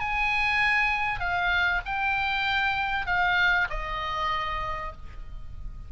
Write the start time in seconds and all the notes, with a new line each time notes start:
0.00 G#5
1.20 F5
1.86 G5
3.07 F5
3.70 D#5